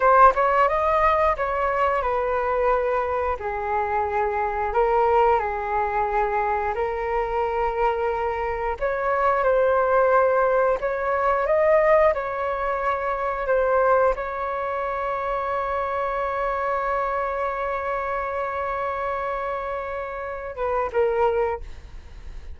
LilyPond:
\new Staff \with { instrumentName = "flute" } { \time 4/4 \tempo 4 = 89 c''8 cis''8 dis''4 cis''4 b'4~ | b'4 gis'2 ais'4 | gis'2 ais'2~ | ais'4 cis''4 c''2 |
cis''4 dis''4 cis''2 | c''4 cis''2.~ | cis''1~ | cis''2~ cis''8 b'8 ais'4 | }